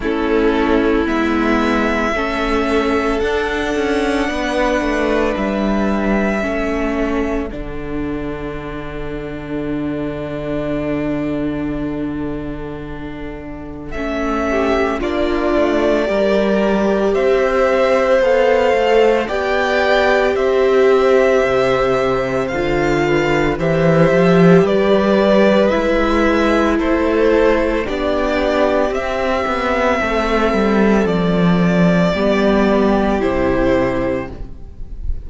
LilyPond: <<
  \new Staff \with { instrumentName = "violin" } { \time 4/4 \tempo 4 = 56 a'4 e''2 fis''4~ | fis''4 e''2 fis''4~ | fis''1~ | fis''4 e''4 d''2 |
e''4 f''4 g''4 e''4~ | e''4 f''4 e''4 d''4 | e''4 c''4 d''4 e''4~ | e''4 d''2 c''4 | }
  \new Staff \with { instrumentName = "violin" } { \time 4/4 e'2 a'2 | b'2 a'2~ | a'1~ | a'4. g'8 f'4 ais'4 |
c''2 d''4 c''4~ | c''4. b'8 c''4 b'4~ | b'4 a'4 g'2 | a'2 g'2 | }
  \new Staff \with { instrumentName = "viola" } { \time 4/4 cis'4 b4 cis'4 d'4~ | d'2 cis'4 d'4~ | d'1~ | d'4 cis'4 d'4 g'4~ |
g'4 a'4 g'2~ | g'4 f'4 g'2 | e'2 d'4 c'4~ | c'2 b4 e'4 | }
  \new Staff \with { instrumentName = "cello" } { \time 4/4 a4 gis4 a4 d'8 cis'8 | b8 a8 g4 a4 d4~ | d1~ | d4 a4 ais8 a8 g4 |
c'4 b8 a8 b4 c'4 | c4 d4 e8 f8 g4 | gis4 a4 b4 c'8 b8 | a8 g8 f4 g4 c4 | }
>>